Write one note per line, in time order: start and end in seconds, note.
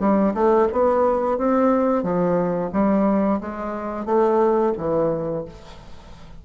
0.00 0.34 G3
0.34 0.68 A3
0.72 1.38 B3
1.38 2.03 C4
2.03 2.70 F3
2.73 3.40 G3
3.41 4.05 G#3
4.05 4.73 A3
4.77 5.45 E3